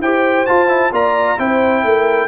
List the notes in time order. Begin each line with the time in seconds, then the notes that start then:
0.00 E4 G4 C5 G5
0.46 F4 A5
0.68 E4
0.92 A#3 F4 D5 A#5
1.38 C4 E4 C5 G5
1.83 A3 A#4